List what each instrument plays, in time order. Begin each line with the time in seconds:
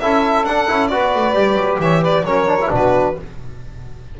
0.00 double bass C#4, trombone E4, saxophone A4, violin E5
0.44 double bass D4, trombone D4, violin F#5
0.68 double bass C#4, trombone E4
0.87 double bass B3, trombone F#4, saxophone B4, violin D5
1.14 double bass A3
1.34 double bass G3, trombone G4
1.54 double bass F#3
1.79 double bass E3, saxophone C#5, violin E5
2.01 saxophone B4, violin D5
2.22 double bass F#3, trombone C#4, saxophone A#4, violin C#5
2.47 trombone D4
2.61 trombone E4
2.69 double bass B2, trombone D4, saxophone F#4, violin B4